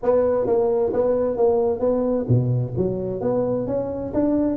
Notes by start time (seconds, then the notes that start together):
0.02 B3
0.46 A#3
0.93 B3
1.36 A#3
1.79 B3
2.28 B2
2.76 F#3
3.20 B3
3.66 C#4
4.13 D4